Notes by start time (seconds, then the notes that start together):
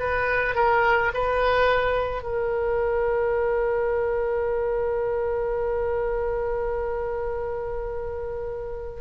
0.00 B4
0.56 A#4
1.14 B4
2.23 A#4